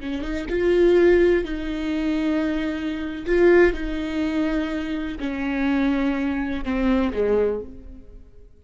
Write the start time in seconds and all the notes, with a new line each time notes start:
0.00 C#4
0.22 D#4
0.49 F4
1.44 D#4
3.26 F4
3.73 D#4
5.19 C#4
6.64 C4
7.13 G#3